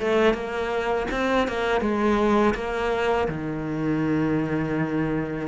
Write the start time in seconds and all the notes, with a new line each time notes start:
0.00 A3
0.34 A#3
1.11 C4
1.48 A#3
1.81 G#3
2.55 A#3
3.28 D#3